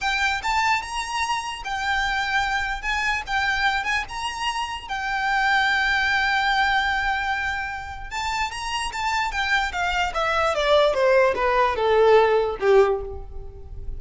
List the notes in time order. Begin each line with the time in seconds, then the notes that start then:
0.01 G5
0.42 A5
0.81 A#5
1.64 G5
2.82 G#5
3.27 G5
3.84 G#5
4.09 A#5
4.88 G5
8.10 A5
8.51 A#5
8.92 A5
9.31 G5
9.72 F5
10.14 E5
10.55 D5
10.93 C5
11.35 B4
11.76 A4
12.60 G4